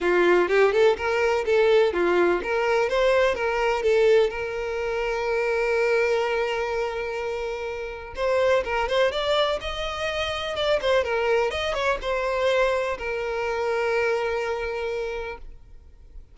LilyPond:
\new Staff \with { instrumentName = "violin" } { \time 4/4 \tempo 4 = 125 f'4 g'8 a'8 ais'4 a'4 | f'4 ais'4 c''4 ais'4 | a'4 ais'2.~ | ais'1~ |
ais'4 c''4 ais'8 c''8 d''4 | dis''2 d''8 c''8 ais'4 | dis''8 cis''8 c''2 ais'4~ | ais'1 | }